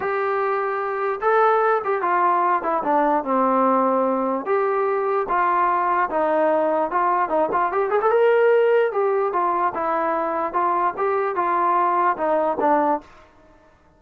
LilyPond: \new Staff \with { instrumentName = "trombone" } { \time 4/4 \tempo 4 = 148 g'2. a'4~ | a'8 g'8 f'4. e'8 d'4 | c'2. g'4~ | g'4 f'2 dis'4~ |
dis'4 f'4 dis'8 f'8 g'8 gis'16 a'16 | ais'2 g'4 f'4 | e'2 f'4 g'4 | f'2 dis'4 d'4 | }